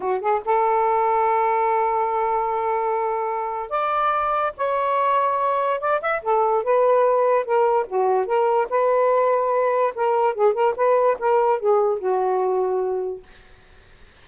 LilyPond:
\new Staff \with { instrumentName = "saxophone" } { \time 4/4 \tempo 4 = 145 fis'8 gis'8 a'2.~ | a'1~ | a'4 d''2 cis''4~ | cis''2 d''8 e''8 a'4 |
b'2 ais'4 fis'4 | ais'4 b'2. | ais'4 gis'8 ais'8 b'4 ais'4 | gis'4 fis'2. | }